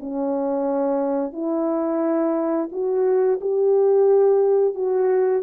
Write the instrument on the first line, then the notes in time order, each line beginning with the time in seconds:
horn
0.00 C#4
1.33 E4
2.72 F#4
3.41 G4
4.75 F#4